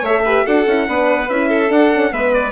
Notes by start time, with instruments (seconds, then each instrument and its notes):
0.00 bassoon A3, horn A4, violin C#5, trumpet E5
0.25 horn G4, violin B4
0.45 bassoon D4, horn F#4, violin A4, trumpet F#5
0.66 bassoon C#4, horn E4
0.87 bassoon B3, horn D4, violin B4
1.29 bassoon C#4, horn E4, trumpet E5
1.48 violin A4
1.68 horn D4, bassoon D4, trumpet F#5
1.93 horn C#4
2.10 bassoon G#3, horn B3, violin B4, trumpet E5
2.34 trumpet D5